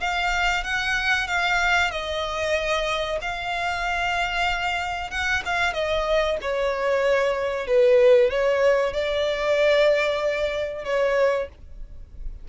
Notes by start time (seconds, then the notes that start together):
0.00 F5
0.64 F#5
1.27 F5
1.91 D#5
3.21 F5
5.11 F#5
5.45 F5
5.73 D#5
6.41 C#5
7.67 B4
8.30 C#5
8.93 D5
10.85 C#5